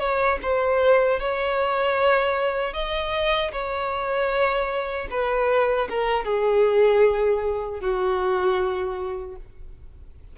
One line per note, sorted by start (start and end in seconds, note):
0.00 0.39 C#5
0.43 1.20 C5
1.20 2.74 C#5
2.74 3.52 D#5
3.52 5.08 C#5
5.11 5.89 B4
5.90 6.25 A#4
6.25 7.81 G#4
7.81 9.36 F#4